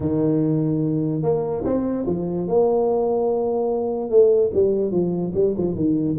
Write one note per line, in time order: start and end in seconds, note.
0.00 1.22 D#3
1.22 1.63 A#3
1.64 2.05 C4
2.06 2.47 F3
2.47 4.09 A#3
4.09 4.51 A3
4.53 4.91 G3
4.91 5.32 F3
5.34 5.55 G3
5.57 5.75 F3
5.75 6.16 D#3